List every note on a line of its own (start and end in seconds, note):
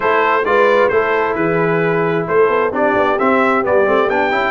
0.00 0.44 A3
0.00 0.42 E4
0.00 0.46 A4
0.00 0.45 C5
0.44 0.90 G#3
0.44 0.91 F4
0.44 0.92 B4
0.44 0.88 D5
0.88 1.35 A3
0.88 2.72 E4
0.88 1.35 A4
0.88 1.34 C5
1.35 2.26 E3
1.35 2.26 G#4
1.35 2.26 B4
2.27 2.48 A3
2.27 2.73 A4
2.27 2.73 C5
2.48 2.71 B3
2.71 2.94 C4
2.71 3.17 D4
2.71 4.51 G4
2.71 3.19 D5
2.94 3.17 B3
3.19 3.62 C4
3.19 3.65 C4
3.19 3.64 E5
3.62 3.87 G3
3.62 3.85 B3
3.62 4.09 D5
3.85 4.09 A3
3.85 4.08 C4
4.09 4.31 B3
4.09 4.31 D4
4.09 4.51 G5
4.31 4.51 C#4
4.31 4.51 E4